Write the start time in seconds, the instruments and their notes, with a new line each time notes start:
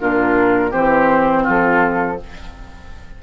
0.00 bassoon A#2, clarinet D4, oboe F4, flute A#4
0.70 bassoon E3, clarinet C4, oboe G4, flute C5
1.43 bassoon F3, oboe F4
1.50 flute A4